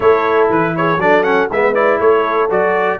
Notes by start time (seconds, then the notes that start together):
0.00 A3 E4 A4 C#5
0.49 E3 B4
0.76 G#4 C#5
0.97 F#3 D4 A4 D5
1.23 C#4 F#5
1.51 G#3 B3 B4 E5
1.74 E4 D5
1.98 A3 A4 C#5
2.49 F#3 F#4 D5